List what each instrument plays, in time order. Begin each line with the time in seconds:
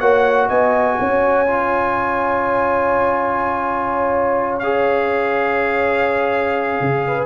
0.00 tuba A#3, trombone F#4, horn C#5, trumpet F#5
0.49 tuba B3, horn D#5, trumpet G#5
1.00 tuba C#4, horn C#5
1.48 trombone F4
4.60 trombone G#4, trumpet F5
6.81 tuba C#3
7.07 horn B4